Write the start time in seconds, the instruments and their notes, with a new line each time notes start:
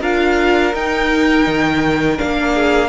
0.00 cello D4, viola F4, violin A#4 F5
0.73 cello D#4, viola D#4, violin G5
1.46 cello D#3
2.17 cello A#3, viola D4, violin F5
2.53 violin G#4